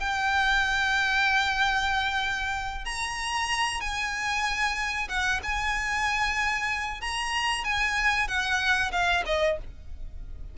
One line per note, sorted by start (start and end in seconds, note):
0.00 2.85 G5
2.85 3.81 A#5
3.81 5.09 G#5
5.09 5.41 F#5
5.43 7.01 G#5
7.01 7.65 A#5
7.65 8.28 G#5
8.28 8.92 F#5
8.92 9.24 F5
9.26 9.58 D#5